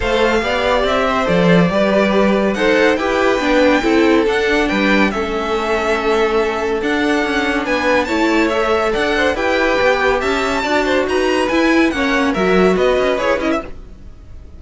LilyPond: <<
  \new Staff \with { instrumentName = "violin" } { \time 4/4 \tempo 4 = 141 f''2 e''4 d''4~ | d''2 fis''4 g''4~ | g''2 fis''4 g''4 | e''1 |
fis''2 gis''4 a''4 | e''4 fis''4 g''2 | a''2 ais''4 gis''4 | fis''4 e''4 dis''4 cis''8 dis''16 e''16 | }
  \new Staff \with { instrumentName = "violin" } { \time 4/4 c''4 d''4. c''4. | b'2 c''4 b'4~ | b'4 a'2 b'4 | a'1~ |
a'2 b'4 cis''4~ | cis''4 d''8 c''8 b'2 | e''4 d''8 c''8 b'2 | cis''4 ais'4 b'2 | }
  \new Staff \with { instrumentName = "viola" } { \time 4/4 a'4 g'2 a'4 | g'2 a'4 g'4 | d'4 e'4 d'2 | cis'1 |
d'2. e'4 | a'2 g'2~ | g'4 fis'2 e'4 | cis'4 fis'2 gis'8 e'8 | }
  \new Staff \with { instrumentName = "cello" } { \time 4/4 a4 b4 c'4 f4 | g2 dis'4 e'4 | b4 c'4 d'4 g4 | a1 |
d'4 cis'4 b4 a4~ | a4 d'4 e'4 b4 | cis'4 d'4 dis'4 e'4 | ais4 fis4 b8 cis'8 e'8 cis'8 | }
>>